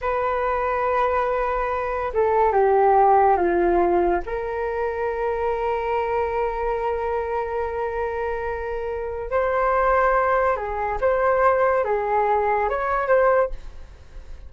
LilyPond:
\new Staff \with { instrumentName = "flute" } { \time 4/4 \tempo 4 = 142 b'1~ | b'4 a'4 g'2 | f'2 ais'2~ | ais'1~ |
ais'1~ | ais'2 c''2~ | c''4 gis'4 c''2 | gis'2 cis''4 c''4 | }